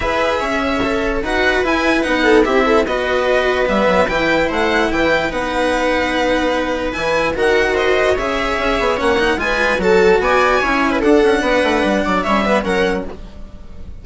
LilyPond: <<
  \new Staff \with { instrumentName = "violin" } { \time 4/4 \tempo 4 = 147 e''2. fis''4 | gis''4 fis''4 e''4 dis''4~ | dis''4 e''4 g''4 fis''4 | g''4 fis''2.~ |
fis''4 gis''4 fis''4 dis''4 | e''2 fis''4 gis''4 | a''4 gis''2 fis''4~ | fis''2 e''4 fis''4 | }
  \new Staff \with { instrumentName = "viola" } { \time 4/4 b'4 cis''2 b'4~ | b'4. a'8 g'8 a'8 b'4~ | b'2. c''4 | b'1~ |
b'2 ais'4 c''4 | cis''2. b'4 | a'4 d''4 cis''8. b'16 a'4 | b'4. d''8 cis''8 b'8 ais'4 | }
  \new Staff \with { instrumentName = "cello" } { \time 4/4 gis'2 a'4 fis'4 | e'4 dis'4 e'4 fis'4~ | fis'4 b4 e'2~ | e'4 dis'2.~ |
dis'4 e'4 fis'2 | gis'2 cis'8 dis'8 f'4 | fis'2 e'4 d'4~ | d'2 cis'8 b8 cis'4 | }
  \new Staff \with { instrumentName = "bassoon" } { \time 4/4 e'4 cis'2 dis'4 | e'4 b4 c'4 b4~ | b4 g8 fis8 e4 a4 | e4 b2.~ |
b4 e4 dis2 | cis4 cis'8 b8 ais4 gis4 | fis4 b4 cis'4 d'8 cis'8 | b8 a8 g8 fis8 g4 fis4 | }
>>